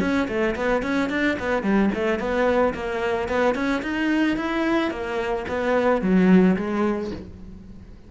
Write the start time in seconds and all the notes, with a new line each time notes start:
0.00 C#4
0.28 A3
0.55 B3
0.82 C#4
1.10 D4
1.39 B3
1.62 G3
1.94 A3
2.19 B3
2.74 A#3
3.28 B3
3.55 C#4
3.82 D#4
4.37 E4
4.90 A#3
5.48 B3
6.01 F#3
6.56 G#3